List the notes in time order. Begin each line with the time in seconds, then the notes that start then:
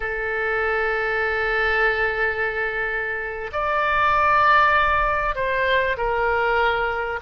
0.00 A4
3.52 D5
5.35 C5
5.97 A#4